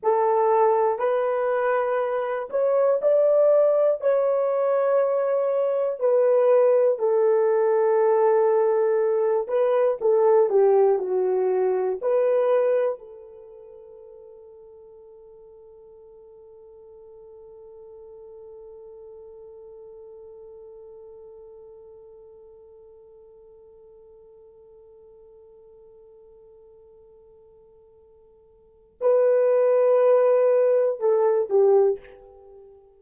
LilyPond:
\new Staff \with { instrumentName = "horn" } { \time 4/4 \tempo 4 = 60 a'4 b'4. cis''8 d''4 | cis''2 b'4 a'4~ | a'4. b'8 a'8 g'8 fis'4 | b'4 a'2.~ |
a'1~ | a'1~ | a'1~ | a'4 b'2 a'8 g'8 | }